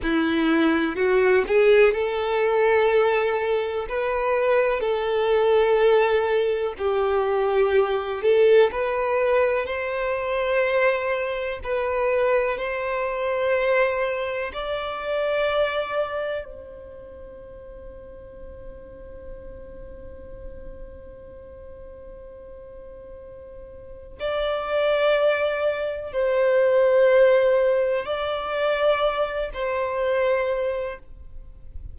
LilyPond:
\new Staff \with { instrumentName = "violin" } { \time 4/4 \tempo 4 = 62 e'4 fis'8 gis'8 a'2 | b'4 a'2 g'4~ | g'8 a'8 b'4 c''2 | b'4 c''2 d''4~ |
d''4 c''2.~ | c''1~ | c''4 d''2 c''4~ | c''4 d''4. c''4. | }